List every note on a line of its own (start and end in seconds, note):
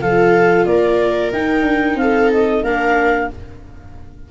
0.00 0.65 F3
0.00 1.32 F4
0.00 0.67 A4
0.00 0.65 F5
0.65 1.31 A#3
0.65 2.00 A#4
0.65 1.31 D5
1.32 1.62 D#4
1.32 2.64 D#4
1.32 1.97 G5
1.62 1.95 D4
1.95 2.61 C4
1.95 2.63 A4
1.95 2.30 F5
2.32 2.64 D#5
2.62 3.28 A#3
2.62 3.30 D4
2.62 3.29 A#4
2.62 3.30 F5